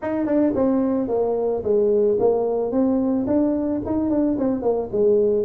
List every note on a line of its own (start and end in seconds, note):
0.02 0.26 D#4
0.26 0.53 D4
0.55 1.08 C4
1.08 1.62 A#3
1.63 2.18 G#3
2.19 2.71 A#3
2.71 3.26 C4
3.26 3.81 D4
3.85 4.10 D#4
4.10 4.37 D4
4.38 4.62 C4
4.62 4.89 A#3
4.91 5.45 G#3